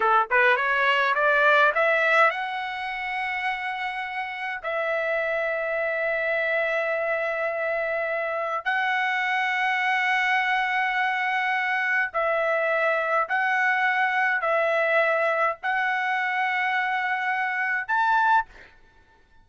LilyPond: \new Staff \with { instrumentName = "trumpet" } { \time 4/4 \tempo 4 = 104 a'8 b'8 cis''4 d''4 e''4 | fis''1 | e''1~ | e''2. fis''4~ |
fis''1~ | fis''4 e''2 fis''4~ | fis''4 e''2 fis''4~ | fis''2. a''4 | }